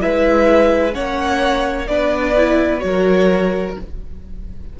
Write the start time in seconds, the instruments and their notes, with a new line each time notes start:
0.00 cello G#3, viola E4, violin B4 E5
0.92 cello A#3, viola C#4, violin C#5 F#5
1.87 cello B3, viola D4, violin B4 D5
2.36 viola E4
2.79 cello F#3, viola F#4, violin C#5
2.86 violin A#4